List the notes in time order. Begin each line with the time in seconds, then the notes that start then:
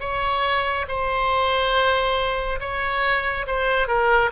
0.00 C#5
0.88 C5
2.60 C#5
3.46 C5
3.88 A#4